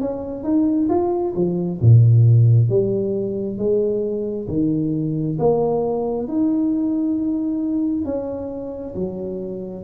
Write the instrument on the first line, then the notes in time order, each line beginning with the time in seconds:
tuba
0.00 C#4
0.43 D#4
0.89 F4
1.35 F3
1.81 A#2
2.69 G3
3.57 G#3
4.48 D#3
5.39 A#3
6.28 D#4
8.04 C#4
8.94 F#3